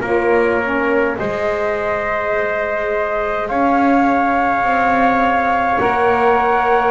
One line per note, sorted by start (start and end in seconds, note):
0.00 1.16 A#3
0.00 0.61 F4
0.00 1.15 A#4
0.00 1.17 C#5
0.62 1.18 C#4
1.17 3.50 G#3
1.17 5.79 G#4
1.17 3.48 C5
1.17 3.48 D#5
3.48 4.62 C#4
3.48 6.91 C#5
3.48 5.78 F5
4.62 5.78 C4
5.78 6.91 A#3
5.78 6.91 A#4
5.78 6.91 F#5